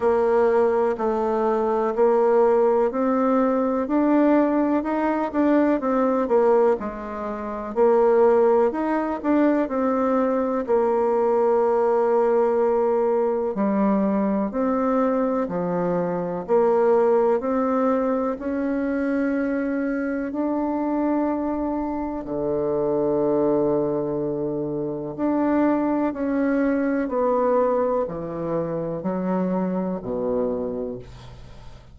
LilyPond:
\new Staff \with { instrumentName = "bassoon" } { \time 4/4 \tempo 4 = 62 ais4 a4 ais4 c'4 | d'4 dis'8 d'8 c'8 ais8 gis4 | ais4 dis'8 d'8 c'4 ais4~ | ais2 g4 c'4 |
f4 ais4 c'4 cis'4~ | cis'4 d'2 d4~ | d2 d'4 cis'4 | b4 e4 fis4 b,4 | }